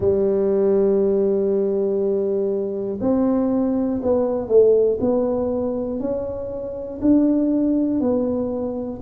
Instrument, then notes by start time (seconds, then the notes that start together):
tuba
0.00 G3
3.00 C4
4.02 B3
4.48 A3
5.00 B3
6.00 C#4
7.01 D4
8.00 B3